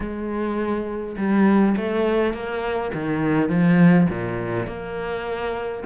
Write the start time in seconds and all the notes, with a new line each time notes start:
0.00 G#3
1.17 G3
1.77 A3
2.33 A#3
2.94 D#3
3.49 F3
4.09 A#2
4.67 A#3